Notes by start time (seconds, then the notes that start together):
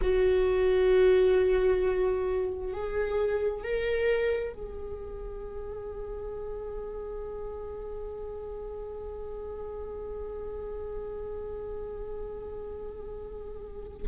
0.01 F#4
2.73 G#4
3.63 A#4
4.53 G#4